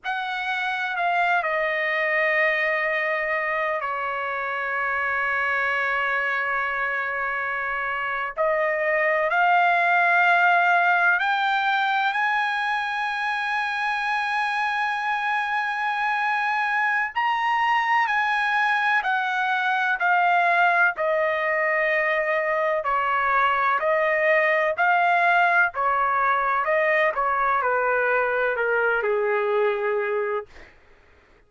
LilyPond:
\new Staff \with { instrumentName = "trumpet" } { \time 4/4 \tempo 4 = 63 fis''4 f''8 dis''2~ dis''8 | cis''1~ | cis''8. dis''4 f''2 g''16~ | g''8. gis''2.~ gis''16~ |
gis''2 ais''4 gis''4 | fis''4 f''4 dis''2 | cis''4 dis''4 f''4 cis''4 | dis''8 cis''8 b'4 ais'8 gis'4. | }